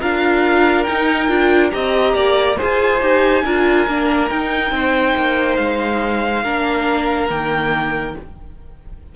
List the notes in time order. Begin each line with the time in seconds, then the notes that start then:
0.00 D4 F4 A#4 F5
0.84 D#4 G5
1.28 D4 F4
1.70 C4 G4 D#5 A#5
2.14 A#3 D5
2.57 F4 G#4 C5 G#5
3.01 D#4 G4
3.44 D4 F4 A#4
3.87 A#3 D4
4.29 D#4 G5
4.71 C4 C5
5.15 A#3
5.56 G#3 F5
6.43 A#3 D4 A#4
7.29 D#3 A#3 G5